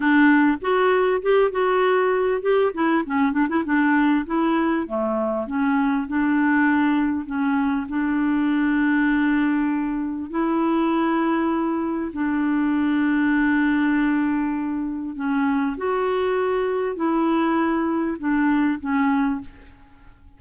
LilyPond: \new Staff \with { instrumentName = "clarinet" } { \time 4/4 \tempo 4 = 99 d'4 fis'4 g'8 fis'4. | g'8 e'8 cis'8 d'16 e'16 d'4 e'4 | a4 cis'4 d'2 | cis'4 d'2.~ |
d'4 e'2. | d'1~ | d'4 cis'4 fis'2 | e'2 d'4 cis'4 | }